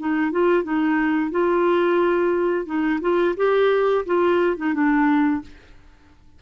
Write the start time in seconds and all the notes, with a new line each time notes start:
0.00 D#4
0.32 F4
0.64 D#4
1.31 F4
2.66 D#4
3.02 F4
3.37 G4
4.06 F4
4.58 D#4
4.74 D4